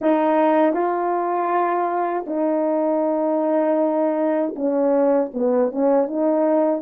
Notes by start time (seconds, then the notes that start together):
0.01 D#4
0.73 F4
2.26 D#4
4.55 C#4
5.33 B3
5.71 C#4
6.07 D#4